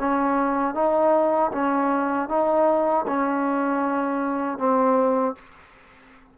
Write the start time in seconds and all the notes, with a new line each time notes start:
0.00 C#4
0.75 D#4
1.52 C#4
2.29 D#4
3.08 C#4
4.59 C4